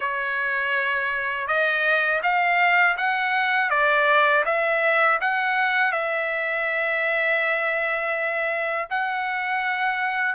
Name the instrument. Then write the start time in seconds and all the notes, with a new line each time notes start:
trumpet
0.00 C#5
1.47 D#5
2.22 F5
2.97 F#5
3.69 D5
4.45 E5
5.21 F#5
5.92 E5
8.90 F#5